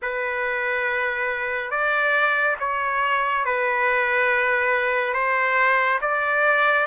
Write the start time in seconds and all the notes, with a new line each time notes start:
0.02 B4
1.70 D5
2.59 C#5
3.45 B4
5.13 C5
6.01 D5